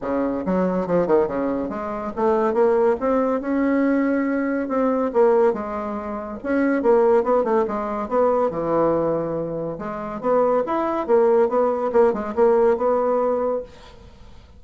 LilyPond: \new Staff \with { instrumentName = "bassoon" } { \time 4/4 \tempo 4 = 141 cis4 fis4 f8 dis8 cis4 | gis4 a4 ais4 c'4 | cis'2. c'4 | ais4 gis2 cis'4 |
ais4 b8 a8 gis4 b4 | e2. gis4 | b4 e'4 ais4 b4 | ais8 gis8 ais4 b2 | }